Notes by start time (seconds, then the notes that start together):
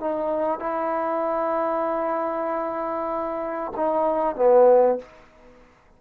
0.00 D#4
0.59 E4
3.76 D#4
4.36 B3